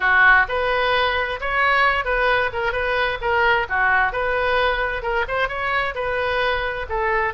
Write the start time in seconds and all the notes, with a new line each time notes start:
0.00 F#4
0.48 B4
1.40 C#5
2.04 B4
2.52 A#4
2.72 B4
3.21 A#4
3.69 F#4
4.12 B4
5.02 A#4
5.28 C5
5.48 C#5
5.94 B4
6.89 A4